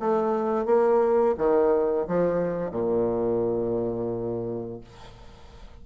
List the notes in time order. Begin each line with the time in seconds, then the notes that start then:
0.00 A3
0.66 A#3
1.38 D#3
2.08 F3
2.71 A#2